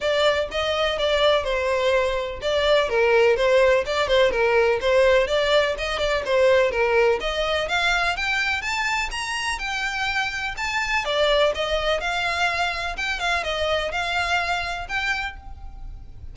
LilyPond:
\new Staff \with { instrumentName = "violin" } { \time 4/4 \tempo 4 = 125 d''4 dis''4 d''4 c''4~ | c''4 d''4 ais'4 c''4 | d''8 c''8 ais'4 c''4 d''4 | dis''8 d''8 c''4 ais'4 dis''4 |
f''4 g''4 a''4 ais''4 | g''2 a''4 d''4 | dis''4 f''2 g''8 f''8 | dis''4 f''2 g''4 | }